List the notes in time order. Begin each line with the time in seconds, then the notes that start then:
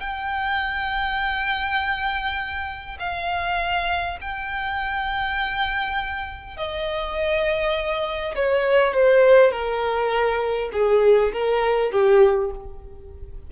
0.00 G5
2.99 F5
4.21 G5
6.56 D#5
8.35 C#5
8.93 C5
9.51 A#4
10.72 G#4
11.32 A#4
11.91 G4